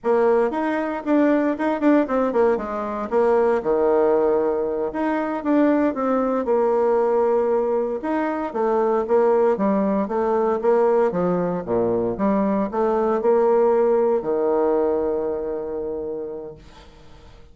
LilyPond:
\new Staff \with { instrumentName = "bassoon" } { \time 4/4 \tempo 4 = 116 ais4 dis'4 d'4 dis'8 d'8 | c'8 ais8 gis4 ais4 dis4~ | dis4. dis'4 d'4 c'8~ | c'8 ais2. dis'8~ |
dis'8 a4 ais4 g4 a8~ | a8 ais4 f4 ais,4 g8~ | g8 a4 ais2 dis8~ | dis1 | }